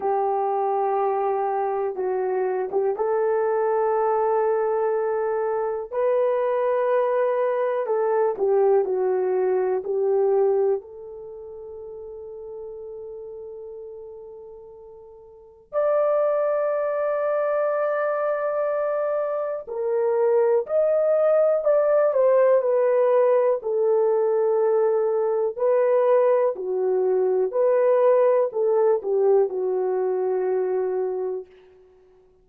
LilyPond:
\new Staff \with { instrumentName = "horn" } { \time 4/4 \tempo 4 = 61 g'2 fis'8. g'16 a'4~ | a'2 b'2 | a'8 g'8 fis'4 g'4 a'4~ | a'1 |
d''1 | ais'4 dis''4 d''8 c''8 b'4 | a'2 b'4 fis'4 | b'4 a'8 g'8 fis'2 | }